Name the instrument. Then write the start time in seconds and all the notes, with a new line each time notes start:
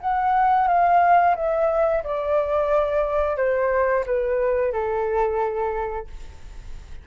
flute
0.00 F#5
0.67 F5
1.35 E5
2.03 D5
3.36 C5
4.06 B4
4.72 A4